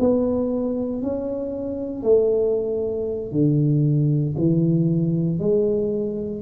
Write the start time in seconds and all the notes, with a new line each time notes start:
0.00 B3
1.02 C#4
2.03 A3
3.32 D3
4.37 E3
5.39 G#3